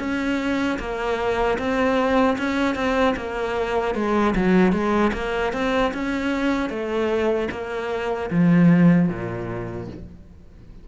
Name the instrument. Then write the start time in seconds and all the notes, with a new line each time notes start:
cello
0.00 C#4
0.80 A#3
1.59 C4
2.39 C#4
2.76 C4
3.17 A#3
3.95 G#3
4.36 F#3
4.73 G#3
5.14 A#3
5.53 C4
5.94 C#4
6.70 A3
7.51 A#3
8.31 F3
9.09 A#2